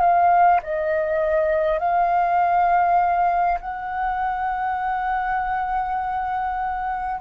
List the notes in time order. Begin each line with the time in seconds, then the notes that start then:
0.00 F5
0.62 D#5
1.78 F5
3.61 F#5